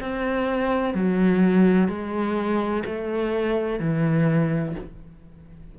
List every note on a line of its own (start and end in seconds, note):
0.00 0.94 C4
0.94 1.88 F#3
1.88 2.84 G#3
2.85 3.80 A3
3.80 4.75 E3